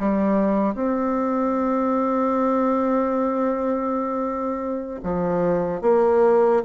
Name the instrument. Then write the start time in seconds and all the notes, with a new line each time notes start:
bassoon
0.00 G3
0.75 C4
5.03 F3
5.82 A#3